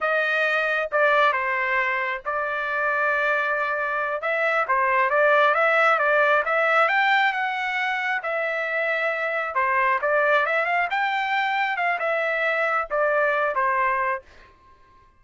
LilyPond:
\new Staff \with { instrumentName = "trumpet" } { \time 4/4 \tempo 4 = 135 dis''2 d''4 c''4~ | c''4 d''2.~ | d''4. e''4 c''4 d''8~ | d''8 e''4 d''4 e''4 g''8~ |
g''8 fis''2 e''4.~ | e''4. c''4 d''4 e''8 | f''8 g''2 f''8 e''4~ | e''4 d''4. c''4. | }